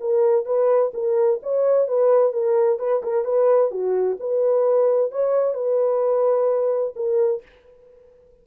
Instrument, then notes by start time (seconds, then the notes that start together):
horn
0.00 A#4
0.45 B4
0.93 A#4
1.42 C#5
1.88 B4
2.32 A#4
2.79 B4
3.03 A#4
3.25 B4
3.71 F#4
4.19 B4
5.11 C#5
5.54 B4
6.95 A#4